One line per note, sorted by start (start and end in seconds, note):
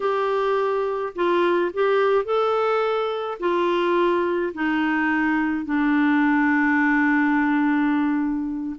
0.00 1.13 G4
1.15 1.71 F4
1.73 2.24 G4
2.24 3.38 A4
3.39 4.52 F4
4.54 5.65 D#4
5.65 8.76 D4